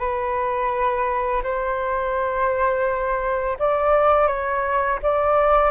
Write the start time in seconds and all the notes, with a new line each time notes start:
0.00 B4
1.44 C5
3.59 D5
4.28 C#5
5.03 D5